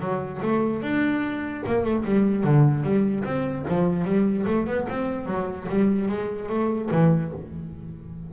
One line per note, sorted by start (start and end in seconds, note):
0.00 0.41 F#3
0.42 0.82 A3
0.82 1.63 D4
1.66 1.84 A#3
1.84 2.04 A3
2.05 2.44 G3
2.44 2.83 D3
2.83 3.24 G3
3.24 3.65 C4
3.69 4.04 F3
4.04 4.45 G3
4.46 4.67 A3
4.67 4.87 B3
4.89 5.26 C4
5.26 5.67 F#3
5.69 6.08 G3
6.08 6.49 G#3
6.49 6.89 A3
6.91 7.32 E3